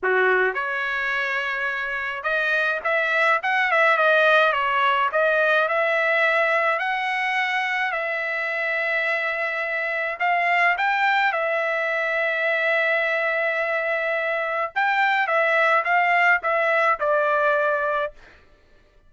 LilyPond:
\new Staff \with { instrumentName = "trumpet" } { \time 4/4 \tempo 4 = 106 fis'4 cis''2. | dis''4 e''4 fis''8 e''8 dis''4 | cis''4 dis''4 e''2 | fis''2 e''2~ |
e''2 f''4 g''4 | e''1~ | e''2 g''4 e''4 | f''4 e''4 d''2 | }